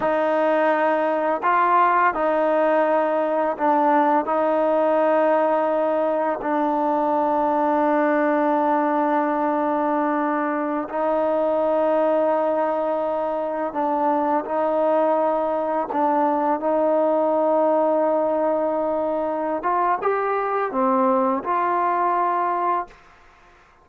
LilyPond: \new Staff \with { instrumentName = "trombone" } { \time 4/4 \tempo 4 = 84 dis'2 f'4 dis'4~ | dis'4 d'4 dis'2~ | dis'4 d'2.~ | d'2.~ d'16 dis'8.~ |
dis'2.~ dis'16 d'8.~ | d'16 dis'2 d'4 dis'8.~ | dis'2.~ dis'8 f'8 | g'4 c'4 f'2 | }